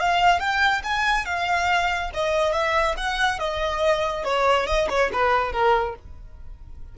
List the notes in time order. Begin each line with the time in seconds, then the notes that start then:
0.00 F5
0.40 G5
0.84 G#5
1.26 F5
2.14 D#5
2.53 E5
2.97 F#5
3.39 D#5
4.24 C#5
4.67 D#5
4.90 C#5
5.13 B4
5.53 A#4